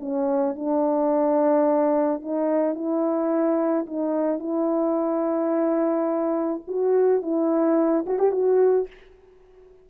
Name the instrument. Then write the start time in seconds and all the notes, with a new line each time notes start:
horn
0.00 C#4
0.56 D4
2.22 D#4
2.75 E4
3.87 D#4
4.40 E4
6.68 F#4
7.22 E4
8.07 F#4
8.19 G4
8.32 F#4